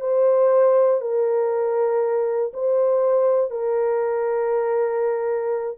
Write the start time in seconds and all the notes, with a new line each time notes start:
0.00 C5
1.01 A#4
2.53 C5
3.50 A#4